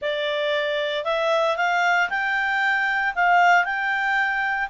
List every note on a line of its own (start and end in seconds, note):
0.01 1.04 D5
1.04 1.56 E5
1.57 2.09 F5
2.09 3.14 G5
3.15 3.65 F5
3.65 4.69 G5